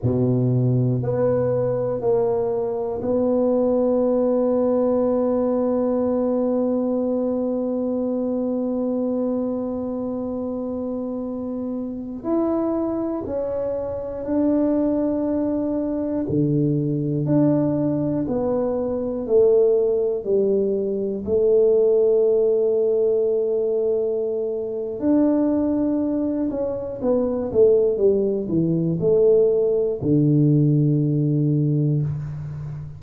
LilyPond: \new Staff \with { instrumentName = "tuba" } { \time 4/4 \tempo 4 = 60 b,4 b4 ais4 b4~ | b1~ | b1~ | b16 e'4 cis'4 d'4.~ d'16~ |
d'16 d4 d'4 b4 a8.~ | a16 g4 a2~ a8.~ | a4 d'4. cis'8 b8 a8 | g8 e8 a4 d2 | }